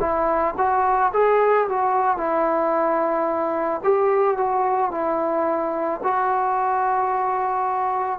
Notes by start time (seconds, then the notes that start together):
0.00 E4
0.58 F#4
1.13 G#4
1.68 F#4
2.17 E4
3.83 G4
4.37 F#4
4.91 E4
6.03 F#4